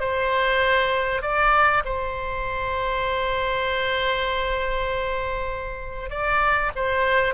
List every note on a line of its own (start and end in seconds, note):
0.00 1.22 C5
1.22 1.83 D5
1.85 6.10 C5
6.10 6.71 D5
6.75 7.34 C5